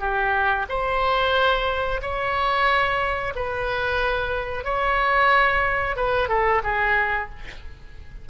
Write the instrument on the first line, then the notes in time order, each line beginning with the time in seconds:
oboe
0.00 G4
0.69 C5
2.02 C#5
3.35 B4
4.64 C#5
5.96 B4
6.29 A4
6.64 G#4